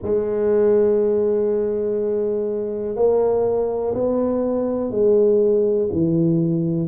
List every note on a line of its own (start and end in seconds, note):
0.02 2.95 G#3
2.95 3.93 A#3
3.94 4.90 B3
4.90 5.89 G#3
5.92 6.88 E3